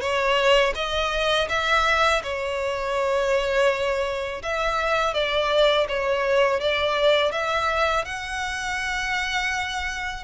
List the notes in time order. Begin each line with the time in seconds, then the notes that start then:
0.00 C#5
0.75 D#5
1.49 E5
2.23 C#5
4.42 E5
5.14 D5
5.88 C#5
6.60 D5
7.31 E5
8.05 F#5